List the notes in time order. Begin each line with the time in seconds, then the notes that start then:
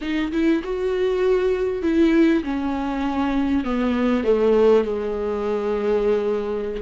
0.01 D#4
0.32 E4
0.63 F#4
1.82 E4
2.43 C#4
3.64 B3
4.24 A3
4.84 G#3